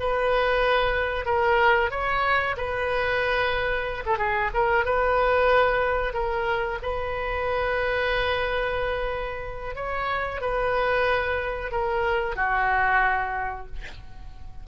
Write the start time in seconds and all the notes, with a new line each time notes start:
0.00 B4
1.26 A#4
1.91 C#5
2.57 B4
4.06 A4
4.18 G#4
4.54 A#4
4.85 B4
6.14 A#4
6.82 B4
9.76 C#5
10.41 B4
11.72 A#4
12.36 F#4